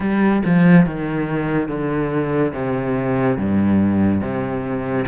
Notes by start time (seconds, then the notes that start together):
0.00 G3
0.45 F3
0.86 D#3
1.68 D3
2.54 C3
3.37 G2
4.21 C3